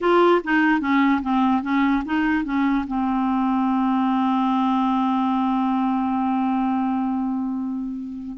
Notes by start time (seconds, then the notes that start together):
0.01 F4
0.44 D#4
0.80 C#4
1.22 C4
1.62 C#4
2.05 D#4
2.44 C#4
2.87 C4